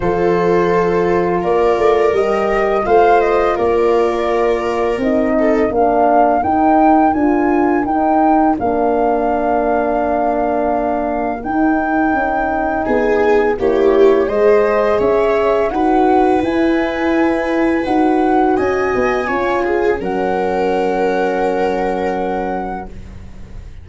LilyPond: <<
  \new Staff \with { instrumentName = "flute" } { \time 4/4 \tempo 4 = 84 c''2 d''4 dis''4 | f''8 dis''8 d''2 dis''4 | f''4 g''4 gis''4 g''4 | f''1 |
g''2 gis''4 cis''4 | dis''4 e''4 fis''4 gis''4~ | gis''4 fis''4 gis''2 | fis''1 | }
  \new Staff \with { instrumentName = "viola" } { \time 4/4 a'2 ais'2 | c''4 ais'2~ ais'8 a'8 | ais'1~ | ais'1~ |
ais'2 gis'4 g'4 | c''4 cis''4 b'2~ | b'2 dis''4 cis''8 gis'8 | ais'1 | }
  \new Staff \with { instrumentName = "horn" } { \time 4/4 f'2. g'4 | f'2. dis'4 | d'4 dis'4 f'4 dis'4 | d'1 |
dis'2. e'4 | gis'2 fis'4 e'4~ | e'4 fis'2 f'4 | cis'1 | }
  \new Staff \with { instrumentName = "tuba" } { \time 4/4 f2 ais8 a8 g4 | a4 ais2 c'4 | ais4 dis'4 d'4 dis'4 | ais1 |
dis'4 cis'4 b4 ais4 | gis4 cis'4 dis'4 e'4~ | e'4 dis'4 cis'8 b8 cis'4 | fis1 | }
>>